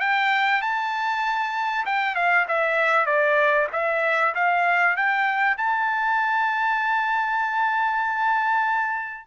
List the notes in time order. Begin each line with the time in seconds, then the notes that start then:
0.00 G5
0.62 A5
1.86 G5
2.15 F5
2.48 E5
3.06 D5
3.73 E5
4.35 F5
4.96 G5
5.58 A5